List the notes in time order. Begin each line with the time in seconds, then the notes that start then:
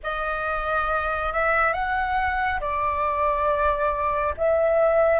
0.03 D#5
1.32 E5
1.73 F#5
2.60 D5
4.37 E5